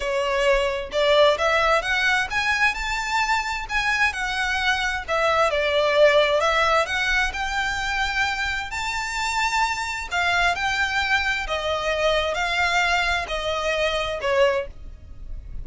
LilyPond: \new Staff \with { instrumentName = "violin" } { \time 4/4 \tempo 4 = 131 cis''2 d''4 e''4 | fis''4 gis''4 a''2 | gis''4 fis''2 e''4 | d''2 e''4 fis''4 |
g''2. a''4~ | a''2 f''4 g''4~ | g''4 dis''2 f''4~ | f''4 dis''2 cis''4 | }